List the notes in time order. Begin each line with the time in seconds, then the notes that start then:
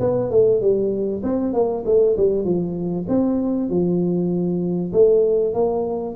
0.00 B3
0.31 A3
0.61 G3
1.23 C4
1.53 A#3
1.86 A3
2.17 G3
2.45 F3
3.08 C4
3.70 F3
4.93 A3
5.54 A#3